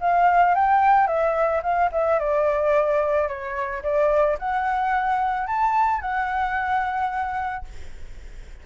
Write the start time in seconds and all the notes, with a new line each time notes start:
0.00 F5
0.55 G5
1.07 E5
1.62 F5
1.92 E5
2.19 D5
3.28 C#5
3.83 D5
4.39 F#5
5.47 A5
6.01 F#5